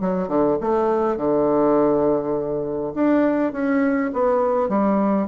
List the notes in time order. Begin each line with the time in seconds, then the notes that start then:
0.00 F#3
0.28 D3
0.60 A3
1.16 D3
2.94 D4
3.52 C#4
4.13 B3
4.68 G3